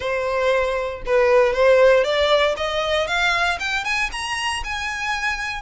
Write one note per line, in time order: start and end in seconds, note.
0.00 1.03 C5
1.06 1.53 B4
1.53 2.03 C5
2.03 2.55 D5
2.56 3.07 D#5
3.07 3.58 F5
3.59 3.84 G5
3.84 4.10 G#5
4.12 4.63 A#5
4.64 5.61 G#5